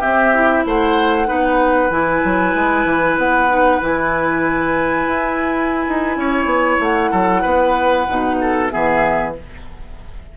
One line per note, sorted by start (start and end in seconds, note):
0.00 0.33 C4
0.00 0.65 C4
0.00 0.63 G4
0.00 0.64 E5
0.34 1.26 E4
0.65 1.28 A3
0.65 1.28 C5
0.65 1.90 F#5
1.26 1.90 B3
1.26 1.89 D#4
1.26 6.17 B4
1.90 2.21 E3
1.90 3.49 E4
1.90 3.17 G#5
2.24 2.54 F#3
2.54 2.85 G#3
2.85 3.16 E3
3.17 3.80 B3
3.17 3.81 F#5
3.49 3.80 D#4
3.81 5.06 E3
3.81 8.07 E4
3.81 6.80 G#5
5.06 5.85 E4
5.88 6.16 D#4
6.16 6.45 C#4
6.16 7.11 C#5
6.45 6.77 B3
6.80 7.11 A3
6.80 8.69 F#5
7.11 7.44 F#3
7.11 7.42 A4
7.42 8.08 B3
7.42 8.36 B4
8.09 8.72 B2
8.09 8.69 D#4
8.41 8.72 A4
8.69 9.37 E3
8.69 9.32 B3
8.69 9.35 G#4
8.69 9.32 E5